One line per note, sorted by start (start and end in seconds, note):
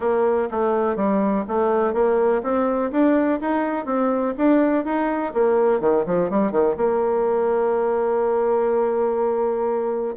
0.00 0.48 A#3
0.50 0.96 A3
0.96 1.44 G3
1.48 1.93 A3
1.93 2.42 A#3
2.43 2.91 C4
2.91 3.40 D4
3.40 3.85 D#4
3.85 4.34 C4
4.37 4.84 D4
4.84 5.33 D#4
5.33 5.80 A#3
5.80 6.04 D#3
6.06 6.30 F3
6.30 6.51 G3
6.51 6.75 D#3
6.77 10.15 A#3